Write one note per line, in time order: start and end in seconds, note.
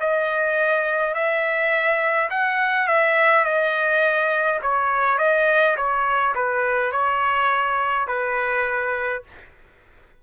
0.00 1.14 D#5
1.14 2.29 E5
2.30 2.87 F#5
2.87 3.45 E5
3.45 4.60 D#5
4.62 5.18 C#5
5.18 5.76 D#5
5.76 6.34 C#5
6.35 6.92 B4
6.92 8.07 C#5
8.07 9.23 B4